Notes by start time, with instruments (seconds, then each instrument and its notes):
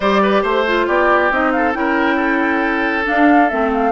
0.00 bassoon G3, clarinet G4, oboe C5, flute D5
0.22 oboe B4
0.42 bassoon A3, oboe C5, flute C5
0.66 clarinet F4
0.86 bassoon B3, oboe G4, flute D5
1.31 bassoon C4, clarinet D#4, flute D#5
1.51 oboe A4, flute F5
1.73 bassoon C#4, clarinet E4, oboe A#4, flute G5
2.16 oboe A4
3.03 clarinet D4, flute F5
3.09 bassoon D4
3.49 bassoon A3, clarinet C4, flute E5
3.73 flute F5